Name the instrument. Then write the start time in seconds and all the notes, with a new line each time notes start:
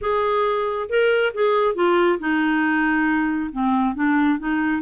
clarinet
0.01 G#4
0.89 A#4
1.34 G#4
1.75 F4
2.19 D#4
3.52 C4
3.95 D4
4.39 D#4